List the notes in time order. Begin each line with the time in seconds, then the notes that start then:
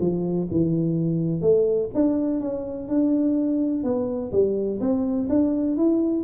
0.00 F3
0.51 E3
1.41 A3
1.94 D4
2.41 C#4
2.88 D4
3.84 B3
4.32 G3
4.80 C4
5.30 D4
5.77 E4